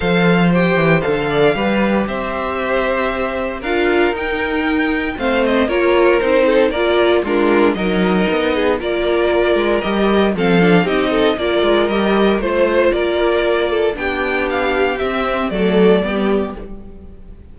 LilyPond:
<<
  \new Staff \with { instrumentName = "violin" } { \time 4/4 \tempo 4 = 116 f''4 g''4 f''2 | e''2. f''4 | g''2 f''8 dis''8 cis''4 | c''4 d''4 ais'4 dis''4~ |
dis''4 d''2 dis''4 | f''4 dis''4 d''4 dis''4 | c''4 d''2 g''4 | f''4 e''4 d''2 | }
  \new Staff \with { instrumentName = "violin" } { \time 4/4 c''2~ c''8 d''8 b'4 | c''2. ais'4~ | ais'2 c''4 ais'4~ | ais'8 a'8 ais'4 f'4 ais'4~ |
ais'8 gis'8 ais'2. | a'4 g'8 a'8 ais'2 | c''4 ais'4. a'8 g'4~ | g'2 a'4 g'4 | }
  \new Staff \with { instrumentName = "viola" } { \time 4/4 a'4 g'4 a'4 g'4~ | g'2. f'4 | dis'2 c'4 f'4 | dis'4 f'4 d'4 dis'4~ |
dis'4 f'2 g'4 | c'8 d'8 dis'4 f'4 g'4 | f'2. d'4~ | d'4 c'4 a4 b4 | }
  \new Staff \with { instrumentName = "cello" } { \time 4/4 f4. e8 d4 g4 | c'2. d'4 | dis'2 a4 ais4 | c'4 ais4 gis4 fis4 |
b4 ais4. gis8 g4 | f4 c'4 ais8 gis8 g4 | a4 ais2 b4~ | b4 c'4 fis4 g4 | }
>>